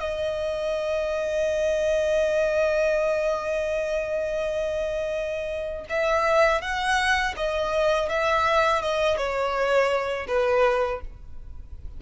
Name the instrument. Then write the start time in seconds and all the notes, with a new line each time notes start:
violin
0.00 D#5
5.89 E5
6.61 F#5
7.37 D#5
8.09 E5
8.82 D#5
9.17 C#5
10.28 B4